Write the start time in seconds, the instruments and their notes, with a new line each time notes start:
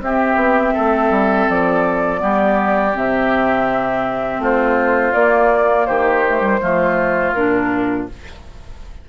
0.00 bassoon C4, clarinet C4, oboe G4, flute E5
0.35 bassoon B3
0.74 bassoon A3, oboe A4
1.10 bassoon G3
1.49 bassoon F3, flute D5
2.17 bassoon G3, clarinet B3, oboe G4
2.95 bassoon C3, clarinet C4, flute E5
4.38 bassoon A3, oboe F4, flute C5
5.13 bassoon A#3, clarinet A#3, flute D5
5.86 bassoon D#3, oboe G4, flute C5
6.27 clarinet A3
6.40 clarinet G3
6.61 bassoon F3, clarinet A3, oboe F4
7.32 bassoon A#2, clarinet D4, flute A#4